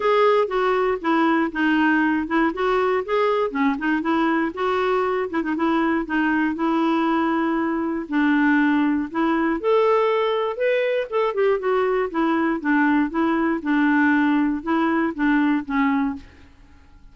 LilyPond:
\new Staff \with { instrumentName = "clarinet" } { \time 4/4 \tempo 4 = 119 gis'4 fis'4 e'4 dis'4~ | dis'8 e'8 fis'4 gis'4 cis'8 dis'8 | e'4 fis'4. e'16 dis'16 e'4 | dis'4 e'2. |
d'2 e'4 a'4~ | a'4 b'4 a'8 g'8 fis'4 | e'4 d'4 e'4 d'4~ | d'4 e'4 d'4 cis'4 | }